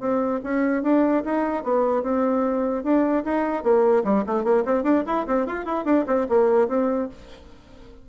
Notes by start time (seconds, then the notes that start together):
0.00 C4
0.44 C#4
0.83 D4
1.25 D#4
1.64 B3
2.03 C4
2.84 D4
3.25 D#4
3.63 A#3
4.04 G3
4.26 A3
4.44 A#3
4.65 C4
4.83 D4
5.06 E4
5.27 C4
5.47 F4
5.65 E4
5.85 D4
6.07 C4
6.29 A#3
6.68 C4